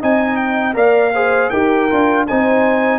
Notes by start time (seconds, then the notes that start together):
0.00 C4 D#4 D#5 G#5
0.37 G5
0.74 A#3 A#4 D5 F5
1.14 G#4 C5
1.50 D#4 G4 A#4 G5
1.90 D4 F4
2.28 C4 D#4 C5 G#5